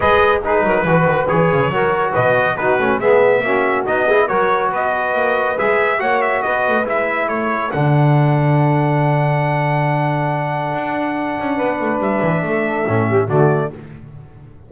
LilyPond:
<<
  \new Staff \with { instrumentName = "trumpet" } { \time 4/4 \tempo 4 = 140 dis''4 b'2 cis''4~ | cis''4 dis''4 b'4 e''4~ | e''4 dis''4 cis''4 dis''4~ | dis''4 e''4 fis''8 e''8 dis''4 |
e''4 cis''4 fis''2~ | fis''1~ | fis''1 | e''2. d''4 | }
  \new Staff \with { instrumentName = "saxophone" } { \time 4/4 b'4 gis'8 ais'8 b'2 | ais'4 b'4 fis'4 gis'4 | fis'4. gis'8 ais'4 b'4~ | b'2 cis''4 b'4~ |
b'4 a'2.~ | a'1~ | a'2. b'4~ | b'4 a'4. g'8 fis'4 | }
  \new Staff \with { instrumentName = "trombone" } { \time 4/4 gis'4 dis'4 fis'4 gis'4 | fis'2 dis'8 cis'8 b4 | cis'4 dis'8 e'8 fis'2~ | fis'4 gis'4 fis'2 |
e'2 d'2~ | d'1~ | d'1~ | d'2 cis'4 a4 | }
  \new Staff \with { instrumentName = "double bass" } { \time 4/4 gis4. fis8 e8 dis8 e8 cis8 | fis4 b,4 b8 a8 gis4 | ais4 b4 fis4 b4 | ais4 gis4 ais4 b8 a8 |
gis4 a4 d2~ | d1~ | d4 d'4. cis'8 b8 a8 | g8 e8 a4 a,4 d4 | }
>>